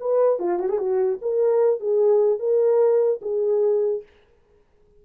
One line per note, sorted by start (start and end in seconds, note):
0.00 0.39 B4
0.39 0.59 F4
0.59 0.69 F#4
0.69 0.78 G#4
0.78 1.19 F#4
1.22 1.80 A#4
1.80 2.39 G#4
2.39 3.20 A#4
3.22 4.03 G#4